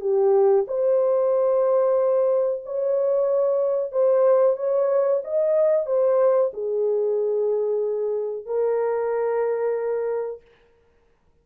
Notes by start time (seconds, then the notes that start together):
0.00 G4
0.67 C5
2.65 C#5
3.91 C5
4.57 C#5
5.24 D#5
5.86 C5
6.53 G#4
8.45 A#4